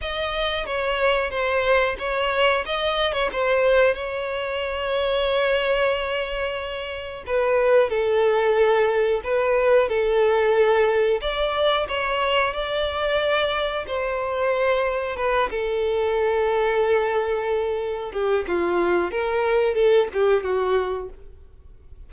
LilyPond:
\new Staff \with { instrumentName = "violin" } { \time 4/4 \tempo 4 = 91 dis''4 cis''4 c''4 cis''4 | dis''8. cis''16 c''4 cis''2~ | cis''2. b'4 | a'2 b'4 a'4~ |
a'4 d''4 cis''4 d''4~ | d''4 c''2 b'8 a'8~ | a'2.~ a'8 g'8 | f'4 ais'4 a'8 g'8 fis'4 | }